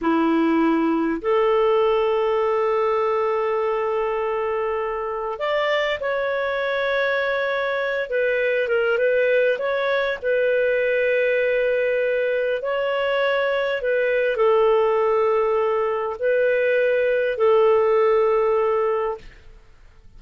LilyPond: \new Staff \with { instrumentName = "clarinet" } { \time 4/4 \tempo 4 = 100 e'2 a'2~ | a'1~ | a'4 d''4 cis''2~ | cis''4. b'4 ais'8 b'4 |
cis''4 b'2.~ | b'4 cis''2 b'4 | a'2. b'4~ | b'4 a'2. | }